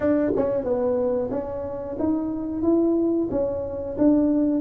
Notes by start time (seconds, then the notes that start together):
0.00 D4
0.36 C#4
0.64 B3
1.30 C#4
1.99 D#4
2.62 E4
3.30 C#4
3.98 D4